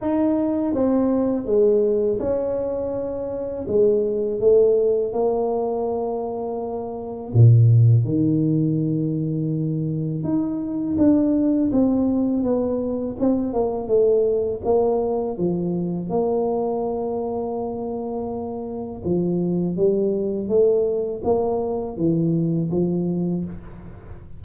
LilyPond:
\new Staff \with { instrumentName = "tuba" } { \time 4/4 \tempo 4 = 82 dis'4 c'4 gis4 cis'4~ | cis'4 gis4 a4 ais4~ | ais2 ais,4 dis4~ | dis2 dis'4 d'4 |
c'4 b4 c'8 ais8 a4 | ais4 f4 ais2~ | ais2 f4 g4 | a4 ais4 e4 f4 | }